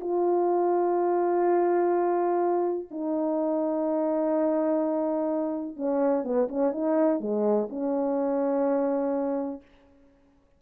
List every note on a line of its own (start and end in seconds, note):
0.00 2.88 F4
2.90 5.76 D#4
5.76 6.24 C#4
6.24 6.48 B3
6.48 6.72 C#4
6.72 7.20 D#4
7.20 7.68 G#3
7.69 9.61 C#4